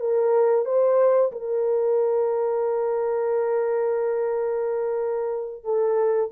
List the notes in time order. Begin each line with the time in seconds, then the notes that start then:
0.00 A#4
0.65 C5
1.32 A#4
5.64 A4